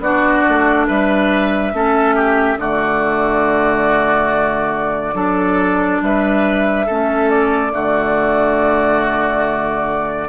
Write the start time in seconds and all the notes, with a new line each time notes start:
0.00 B3 D4 F#4 D5
0.49 A3
0.87 G3 B4 E5
1.73 A3 C#4 A4
2.16 G4
2.57 D3 A3 F#4 D5
5.14 F#3 D4 A4
6.01 G3 B4 E5
6.86 A3 C#4 A4
7.30 D5
7.71 D3 A3 F#4